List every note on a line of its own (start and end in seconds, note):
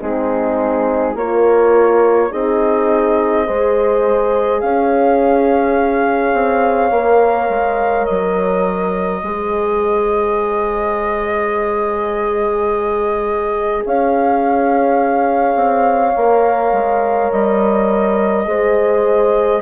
0.00 1.15 G#3
0.00 1.17 C4
0.00 1.15 D#4
0.00 1.17 G#4
1.15 2.30 A#3
1.15 2.30 F4
1.15 2.31 A#4
1.15 2.32 C#5
2.30 3.48 C4
2.30 3.45 D#4
2.30 3.46 G#4
2.30 4.60 D#5
3.45 4.62 G#3
3.45 6.92 G#4
3.45 4.62 C5
4.60 6.33 C#4
4.60 9.24 C#5
4.60 8.05 F5
6.33 6.91 C4
6.91 7.48 A#3
6.91 9.23 A#4
7.49 8.07 G#3
8.05 9.22 F#3
8.05 13.82 D#5
9.22 13.84 G#3
9.22 16.17 G#4
9.22 13.85 C5
13.85 15.55 C#4
13.85 18.47 C#5
13.85 17.31 F5
15.55 16.13 C4
16.16 16.72 A#3
16.16 18.45 A#4
16.72 17.30 G#3
17.31 18.47 G3
17.31 19.62 D#5
18.45 19.62 G#3
18.45 19.61 G#4
18.45 19.62 C5